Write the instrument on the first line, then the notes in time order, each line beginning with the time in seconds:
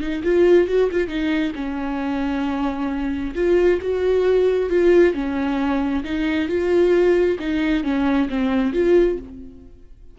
viola
0.00 D#4
0.23 F4
0.67 F#4
0.91 F4
1.08 D#4
1.55 C#4
3.35 F4
3.81 F#4
4.69 F4
5.14 C#4
6.04 D#4
6.48 F4
7.39 D#4
7.83 C#4
8.29 C4
8.73 F4